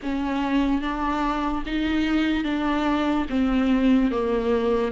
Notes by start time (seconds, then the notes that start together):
0.02 C#4
0.81 D4
1.66 D#4
2.44 D4
3.29 C4
4.11 A#3